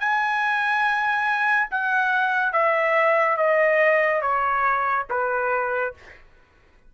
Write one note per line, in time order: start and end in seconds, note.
0.00 1.69 G#5
1.71 2.53 F#5
2.53 3.37 E5
3.37 4.22 D#5
4.22 5.06 C#5
5.10 5.95 B4